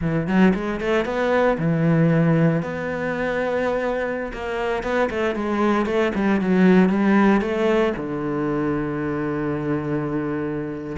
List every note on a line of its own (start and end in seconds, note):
0.01 0.27 E3
0.27 0.53 F#3
0.54 0.80 G#3
0.80 1.05 A3
1.05 1.57 B3
1.58 2.62 E3
2.62 4.32 B3
4.33 4.83 A#3
4.83 5.09 B3
5.10 5.35 A3
5.35 5.86 G#3
5.86 6.12 A3
6.14 6.40 G3
6.40 6.89 F#3
6.89 7.41 G3
7.41 7.93 A3
7.97 10.97 D3